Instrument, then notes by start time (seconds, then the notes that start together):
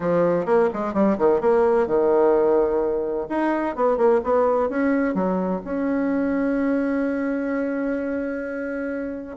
bassoon
0.00 F3
0.45 A#3
0.73 G#3
0.93 G3
1.18 D#3
1.40 A#3
1.86 D#3
3.29 D#4
3.75 B3
3.97 A#3
4.23 B3
4.69 C#4
5.14 F#3
5.64 C#4